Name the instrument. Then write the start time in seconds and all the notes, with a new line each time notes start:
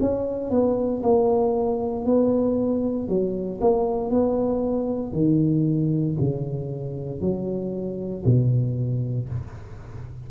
tuba
0.00 C#4
0.50 B3
1.03 A#3
2.05 B3
3.08 F#3
3.61 A#3
4.10 B3
5.12 D#3
6.20 C#3
7.21 F#3
8.25 B2